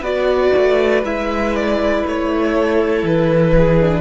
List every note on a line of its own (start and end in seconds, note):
0.00 0.50 B3
0.00 1.03 F#4
0.00 2.50 B4
0.00 1.03 D5
0.56 1.02 A3
1.02 2.02 G#3
1.02 3.79 E4
1.02 1.55 E5
1.55 2.05 D5
2.06 3.02 A3
2.06 3.06 C#5
2.54 3.54 A4
3.02 4.01 E3
3.02 4.01 B4
3.57 4.01 G#4
3.80 4.01 D4